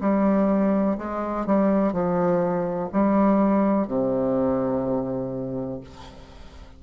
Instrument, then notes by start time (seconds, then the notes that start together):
bassoon
0.00 G3
0.97 G#3
1.46 G3
1.92 F3
2.92 G3
3.87 C3